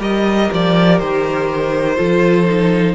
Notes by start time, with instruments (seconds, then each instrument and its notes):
0.00 cello G3, viola G4, violin A#4 D#5
0.53 cello F3, violin D5
0.99 cello D#3, violin C5
1.96 cello F3, viola F4, violin A4
2.46 viola D#4